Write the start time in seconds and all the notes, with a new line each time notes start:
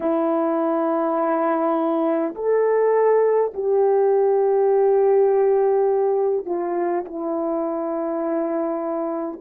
0.00 E4
2.34 A4
3.53 G4
6.45 F4
7.05 E4